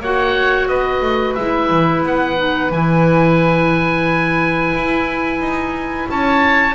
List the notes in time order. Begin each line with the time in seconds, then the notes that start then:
0.00 A#3 F#4 C#5 F#5
0.67 B3 B4 D#5
1.01 A3
1.34 G#3 E4 E5
1.70 E3
2.03 B3 F#5
2.36 D#4
2.70 E3 E4 G#5
4.75 E4
5.40 D#4
6.09 C#4 C#5 A5